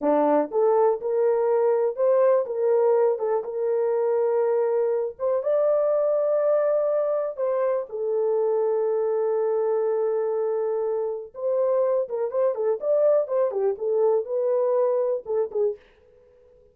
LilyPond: \new Staff \with { instrumentName = "horn" } { \time 4/4 \tempo 4 = 122 d'4 a'4 ais'2 | c''4 ais'4. a'8 ais'4~ | ais'2~ ais'8 c''8 d''4~ | d''2. c''4 |
a'1~ | a'2. c''4~ | c''8 ais'8 c''8 a'8 d''4 c''8 g'8 | a'4 b'2 a'8 gis'8 | }